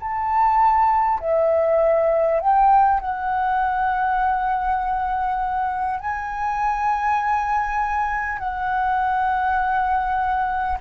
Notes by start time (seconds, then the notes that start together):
0.00 A5
1.21 E5
2.41 G5
3.01 F#5
6.00 G#5
8.39 F#5